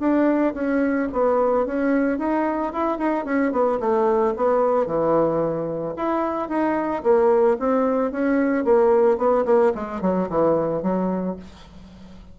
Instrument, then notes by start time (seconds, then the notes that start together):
bassoon
0.00 D4
0.55 C#4
1.13 B3
1.67 C#4
2.19 D#4
2.73 E4
2.99 D#4
3.25 C#4
3.52 B3
3.80 A3
4.37 B3
4.87 E3
5.97 E4
6.49 D#4
7.03 A#3
7.60 C4
8.12 C#4
8.65 A#3
9.18 B3
9.46 A#3
9.75 G#3
10.02 F#3
10.30 E3
10.83 F#3